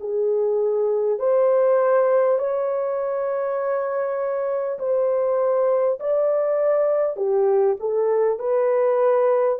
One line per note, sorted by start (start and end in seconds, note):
0.00 1.19 G#4
1.19 2.39 C5
2.39 4.79 C#5
4.79 5.99 C5
5.99 7.17 D5
7.17 7.77 G4
7.80 8.39 A4
8.39 9.59 B4